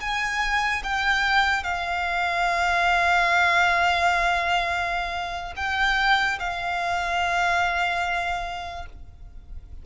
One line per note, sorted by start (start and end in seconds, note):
0.00 0.82 G#5
0.83 1.63 G5
1.63 5.54 F5
5.56 6.38 G5
6.39 8.85 F5